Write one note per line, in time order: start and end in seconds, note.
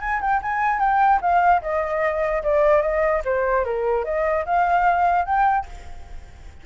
0.00 0.20 G#5
0.21 0.41 G5
0.42 0.79 G#5
0.79 1.19 G5
1.21 1.61 F5
1.61 2.42 D#5
2.43 2.82 D5
2.82 3.22 D#5
3.24 3.64 C5
3.64 4.04 A#4
4.04 4.45 D#5
4.45 5.25 F5
5.25 5.65 G5